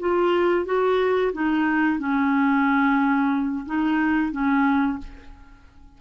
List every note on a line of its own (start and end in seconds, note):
0.00 0.65 F4
0.65 1.32 F#4
1.33 1.99 D#4
1.99 3.65 C#4
3.66 4.32 D#4
4.32 4.98 C#4